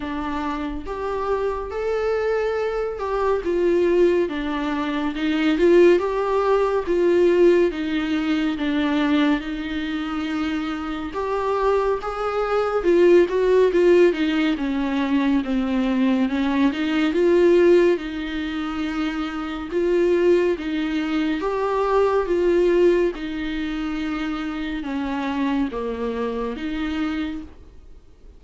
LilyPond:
\new Staff \with { instrumentName = "viola" } { \time 4/4 \tempo 4 = 70 d'4 g'4 a'4. g'8 | f'4 d'4 dis'8 f'8 g'4 | f'4 dis'4 d'4 dis'4~ | dis'4 g'4 gis'4 f'8 fis'8 |
f'8 dis'8 cis'4 c'4 cis'8 dis'8 | f'4 dis'2 f'4 | dis'4 g'4 f'4 dis'4~ | dis'4 cis'4 ais4 dis'4 | }